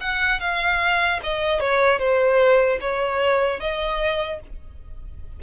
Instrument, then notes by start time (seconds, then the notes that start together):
violin
0.00 F#5
0.40 F5
1.23 D#5
1.60 C#5
1.99 C5
2.80 C#5
3.60 D#5